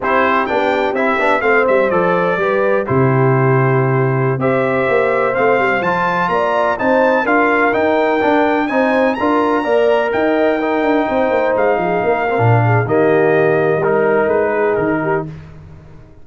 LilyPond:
<<
  \new Staff \with { instrumentName = "trumpet" } { \time 4/4 \tempo 4 = 126 c''4 g''4 e''4 f''8 e''8 | d''2 c''2~ | c''4~ c''16 e''2 f''8.~ | f''16 a''4 ais''4 a''4 f''8.~ |
f''16 g''2 gis''4 ais''8.~ | ais''4~ ais''16 g''2~ g''8.~ | g''16 f''2~ f''8. dis''4~ | dis''4 ais'4 b'4 ais'4 | }
  \new Staff \with { instrumentName = "horn" } { \time 4/4 g'2. c''4~ | c''4 b'4 g'2~ | g'4~ g'16 c''2~ c''8.~ | c''4~ c''16 d''4 c''4 ais'8.~ |
ais'2~ ais'16 c''4 ais'8.~ | ais'16 d''4 dis''4 ais'4 c''8.~ | c''8. gis'8 ais'4~ ais'16 gis'8 g'4~ | g'4 ais'4. gis'4 g'8 | }
  \new Staff \with { instrumentName = "trombone" } { \time 4/4 e'4 d'4 e'8 d'8 c'4 | a'4 g'4 e'2~ | e'4~ e'16 g'2 c'8.~ | c'16 f'2 dis'4 f'8.~ |
f'16 dis'4 d'4 dis'4 f'8.~ | f'16 ais'2 dis'4.~ dis'16~ | dis'4.~ dis'16 c'16 d'4 ais4~ | ais4 dis'2. | }
  \new Staff \with { instrumentName = "tuba" } { \time 4/4 c'4 b4 c'8 b8 a8 g8 | f4 g4 c2~ | c4~ c16 c'4 ais4 a8 g16~ | g16 f4 ais4 c'4 d'8.~ |
d'16 dis'4 d'4 c'4 d'8.~ | d'16 ais4 dis'4. d'8 c'8 ais16~ | ais16 gis8 f8 ais8. ais,4 dis4~ | dis4 g4 gis4 dis4 | }
>>